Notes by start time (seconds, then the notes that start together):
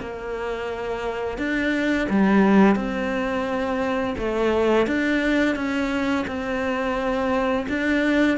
0.00 A#3
1.38 D4
2.10 G3
2.76 C4
4.18 A3
4.87 D4
5.56 C#4
6.27 C4
7.69 D4